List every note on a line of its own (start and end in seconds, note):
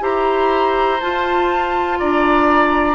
0.00 1.00 E4
0.00 0.98 G4
0.00 1.99 C5
0.00 1.00 A#5
1.00 2.95 F4
1.00 2.00 F4
1.00 1.99 A5
1.99 2.95 D4
1.99 2.95 D5
1.99 2.95 A#5